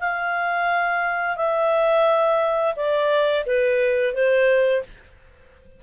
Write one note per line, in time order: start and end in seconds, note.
0.00 1.37 F5
1.37 2.75 E5
2.76 3.45 D5
3.46 4.14 B4
4.14 4.83 C5